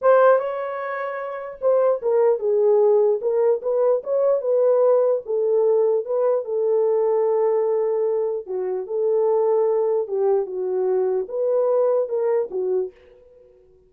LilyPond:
\new Staff \with { instrumentName = "horn" } { \time 4/4 \tempo 4 = 149 c''4 cis''2. | c''4 ais'4 gis'2 | ais'4 b'4 cis''4 b'4~ | b'4 a'2 b'4 |
a'1~ | a'4 fis'4 a'2~ | a'4 g'4 fis'2 | b'2 ais'4 fis'4 | }